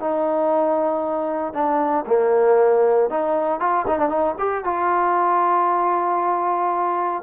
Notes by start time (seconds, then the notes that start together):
0.00 D#4
1.54 D4
2.07 A#3
3.10 D#4
3.60 F4
3.87 D#4
3.99 D4
4.09 D#4
4.39 G4
4.65 F4